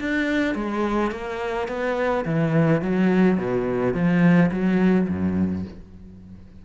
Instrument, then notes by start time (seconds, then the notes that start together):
cello
0.00 D4
0.55 G#3
1.11 A#3
1.68 B3
2.25 E3
2.82 F#3
3.38 B2
3.94 F3
4.52 F#3
5.09 F#2